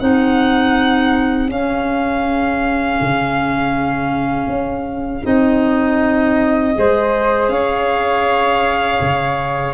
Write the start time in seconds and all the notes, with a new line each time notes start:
0.00 C4 D#4 G#4 F#5
1.49 C#4 F5
3.01 C#3
4.48 C#4
5.24 C4 D#4 D#5
6.75 G#3 G#4 C5
7.49 C#4 C#5 F5
9.01 C#3